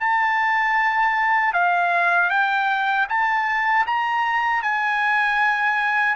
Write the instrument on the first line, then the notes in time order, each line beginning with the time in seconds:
trumpet
0.00 A5
1.53 F5
2.30 G5
3.09 A5
3.86 A#5
4.62 G#5